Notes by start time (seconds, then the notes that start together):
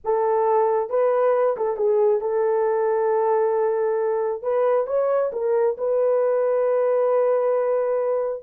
0.04 A4
0.89 B4
1.57 A4
1.76 G#4
2.20 A4
4.42 B4
4.86 C#5
5.32 A#4
5.77 B4